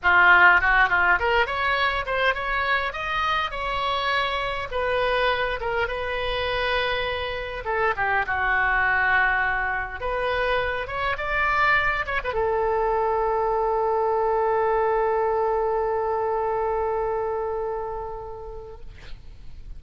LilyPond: \new Staff \with { instrumentName = "oboe" } { \time 4/4 \tempo 4 = 102 f'4 fis'8 f'8 ais'8 cis''4 c''8 | cis''4 dis''4 cis''2 | b'4. ais'8 b'2~ | b'4 a'8 g'8 fis'2~ |
fis'4 b'4. cis''8 d''4~ | d''8 cis''16 b'16 a'2.~ | a'1~ | a'1 | }